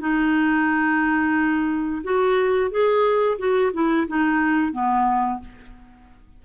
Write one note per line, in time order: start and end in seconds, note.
0.00 2.02 D#4
2.03 2.71 F#4
2.71 3.38 G#4
3.38 3.72 F#4
3.73 4.07 E4
4.07 4.72 D#4
4.72 5.40 B3